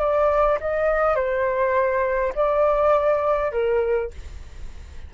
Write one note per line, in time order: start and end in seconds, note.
0.00 0.59 D5
0.60 1.15 D#5
1.15 2.33 C5
2.35 3.52 D5
3.52 4.11 A#4